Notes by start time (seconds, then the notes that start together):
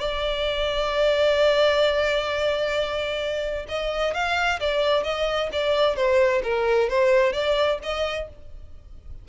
0.00 D5
3.69 D#5
4.14 F5
4.61 D5
5.04 D#5
5.53 D5
5.96 C5
6.44 A#4
6.90 C5
7.33 D5
7.83 D#5